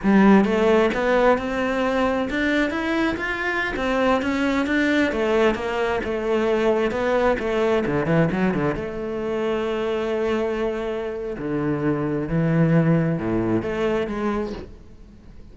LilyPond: \new Staff \with { instrumentName = "cello" } { \time 4/4 \tempo 4 = 132 g4 a4 b4 c'4~ | c'4 d'4 e'4 f'4~ | f'16 c'4 cis'4 d'4 a8.~ | a16 ais4 a2 b8.~ |
b16 a4 d8 e8 fis8 d8 a8.~ | a1~ | a4 d2 e4~ | e4 a,4 a4 gis4 | }